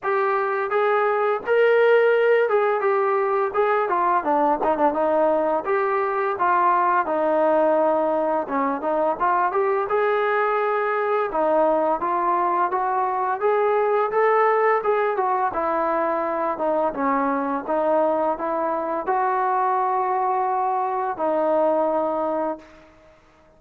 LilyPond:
\new Staff \with { instrumentName = "trombone" } { \time 4/4 \tempo 4 = 85 g'4 gis'4 ais'4. gis'8 | g'4 gis'8 f'8 d'8 dis'16 d'16 dis'4 | g'4 f'4 dis'2 | cis'8 dis'8 f'8 g'8 gis'2 |
dis'4 f'4 fis'4 gis'4 | a'4 gis'8 fis'8 e'4. dis'8 | cis'4 dis'4 e'4 fis'4~ | fis'2 dis'2 | }